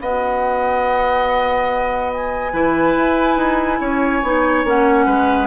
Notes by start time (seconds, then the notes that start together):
0.00 B3 F#4 D#5 F#5
2.14 G#5
2.52 E3 E4 B4
2.97 E4
3.37 D#4
3.80 C#4 C#5
4.23 B3 D#4
4.64 A#3 C#4 F#5
5.06 G#3 B4